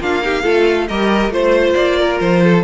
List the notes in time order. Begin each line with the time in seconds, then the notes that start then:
0.00 A#3 D4 F4 F5
0.23 D#4 G4
0.43 A3 F4 A4
0.87 G3 G4 A#4 D#5
1.29 A3 F4 C5
1.74 A#3 D5
1.99 A#4
2.20 F3 C5
2.44 A4